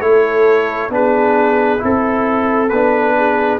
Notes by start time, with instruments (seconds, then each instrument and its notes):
0.00 tuba A3, trombone E4, trumpet C#5
0.07 horn A4
0.89 tuba B3, trombone D4, horn G#4, trumpet B4
1.78 tuba C4, trombone E4
1.85 trumpet A4, horn A4
2.69 tuba B3, trombone D4, trumpet B4
3.16 horn G#4